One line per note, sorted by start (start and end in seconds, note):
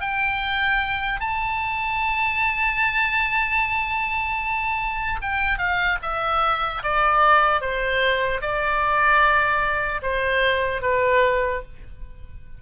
0.00 1.20 G5
1.20 5.20 A5
5.21 5.58 G5
5.58 5.98 F5
6.02 6.82 E5
6.83 7.61 D5
7.61 8.41 C5
8.41 10.01 D5
10.02 10.81 C5
10.81 11.61 B4